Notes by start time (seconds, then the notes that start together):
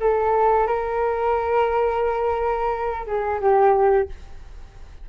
0.00 A4
0.67 A#4
3.06 G#4
3.41 G4